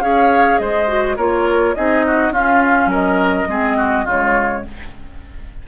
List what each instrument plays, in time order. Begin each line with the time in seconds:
0.00 bassoon C#4, clarinet G#4, oboe C#5, flute F5
0.58 bassoon G#3, oboe C5, flute D#5
0.87 clarinet F#4
1.16 bassoon A#3, clarinet F4, oboe A#4, flute C#5
1.74 bassoon C4, clarinet D#4, oboe G#4, flute D#5
2.06 oboe F#4
2.31 bassoon C#4, clarinet C#4, oboe F4, flute F5
2.86 bassoon F#3, oboe A#4
2.93 flute D#5
3.47 bassoon G#3, clarinet C4, oboe G#4
3.77 oboe F#4
4.04 bassoon C#3, clarinet G#3, oboe F4, flute C#5